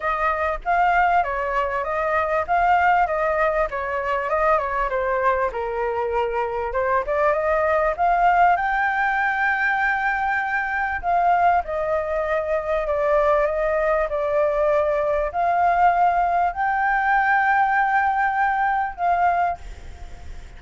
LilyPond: \new Staff \with { instrumentName = "flute" } { \time 4/4 \tempo 4 = 98 dis''4 f''4 cis''4 dis''4 | f''4 dis''4 cis''4 dis''8 cis''8 | c''4 ais'2 c''8 d''8 | dis''4 f''4 g''2~ |
g''2 f''4 dis''4~ | dis''4 d''4 dis''4 d''4~ | d''4 f''2 g''4~ | g''2. f''4 | }